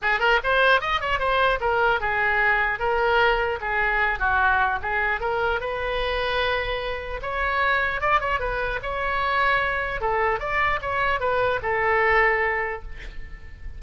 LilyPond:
\new Staff \with { instrumentName = "oboe" } { \time 4/4 \tempo 4 = 150 gis'8 ais'8 c''4 dis''8 cis''8 c''4 | ais'4 gis'2 ais'4~ | ais'4 gis'4. fis'4. | gis'4 ais'4 b'2~ |
b'2 cis''2 | d''8 cis''8 b'4 cis''2~ | cis''4 a'4 d''4 cis''4 | b'4 a'2. | }